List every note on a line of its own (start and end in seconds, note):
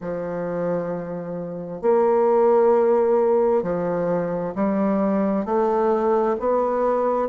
0.00 1.81 F3
1.81 3.62 A#3
3.62 4.53 F3
4.55 5.45 G3
5.45 6.36 A3
6.39 7.28 B3